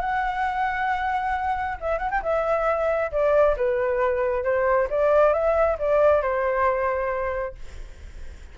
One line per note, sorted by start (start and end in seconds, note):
0.00 1.78 F#5
1.80 1.98 E5
1.98 2.09 F#5
2.11 2.22 G5
2.22 3.11 E5
3.12 3.56 D5
3.57 4.43 B4
4.43 4.88 C5
4.90 5.33 D5
5.33 5.78 E5
5.79 6.22 D5
6.22 7.55 C5